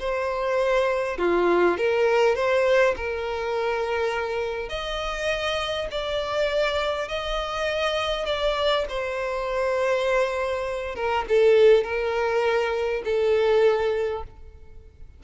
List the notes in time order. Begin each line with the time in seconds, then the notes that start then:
0.00 C5
1.18 F4
1.78 A#4
2.36 C5
2.96 A#4
4.69 D#5
5.91 D5
7.09 D#5
8.26 D5
8.89 C5
10.96 A#4
11.29 A4
11.84 A#4
13.05 A4